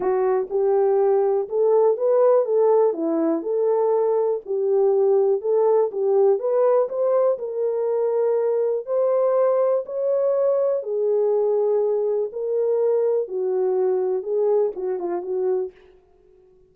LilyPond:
\new Staff \with { instrumentName = "horn" } { \time 4/4 \tempo 4 = 122 fis'4 g'2 a'4 | b'4 a'4 e'4 a'4~ | a'4 g'2 a'4 | g'4 b'4 c''4 ais'4~ |
ais'2 c''2 | cis''2 gis'2~ | gis'4 ais'2 fis'4~ | fis'4 gis'4 fis'8 f'8 fis'4 | }